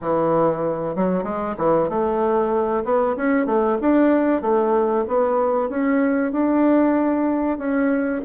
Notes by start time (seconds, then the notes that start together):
0.01 E3
0.95 F#3
1.23 G#3
1.57 E3
1.89 A3
2.84 B3
3.16 C#4
3.46 A3
3.81 D4
4.41 A3
5.07 B3
5.69 C#4
6.32 D4
7.58 C#4